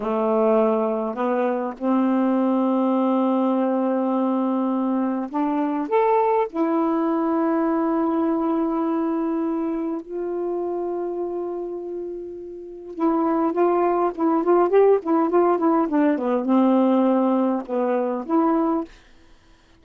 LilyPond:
\new Staff \with { instrumentName = "saxophone" } { \time 4/4 \tempo 4 = 102 a2 b4 c'4~ | c'1~ | c'4 d'4 a'4 e'4~ | e'1~ |
e'4 f'2.~ | f'2 e'4 f'4 | e'8 f'8 g'8 e'8 f'8 e'8 d'8 b8 | c'2 b4 e'4 | }